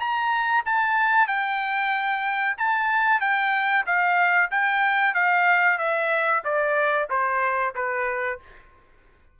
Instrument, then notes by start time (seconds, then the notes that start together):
trumpet
0.00 A#5
0.66 A5
1.28 G5
2.57 A5
3.21 G5
3.86 F5
4.51 G5
5.15 F5
5.79 E5
6.45 D5
7.10 C5
7.75 B4